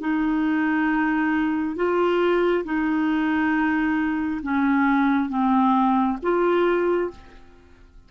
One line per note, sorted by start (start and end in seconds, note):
0.00 1.76 D#4
1.76 2.64 F4
2.64 4.40 D#4
4.42 5.29 C#4
5.29 6.17 C4
6.22 7.10 F4